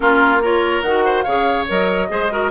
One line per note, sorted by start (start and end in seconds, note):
0.00 0.82 A#3
0.00 0.40 C#4
0.00 0.42 F4
0.00 0.41 A#4
0.42 0.84 F4
0.42 1.04 A#4
0.42 0.82 C#5
0.82 1.24 D#3
0.82 1.25 F#4
0.82 1.22 F#5
1.04 1.24 C5
1.22 1.68 C#3
1.22 1.67 G#4
1.22 2.08 C#5
1.22 1.64 F5
1.67 2.10 F#3
1.67 2.08 A#4
1.67 2.50 D#5
2.08 2.50 G#3
2.08 2.29 G#4
2.08 2.32 C5
2.31 2.50 F#4
2.31 2.50 A#4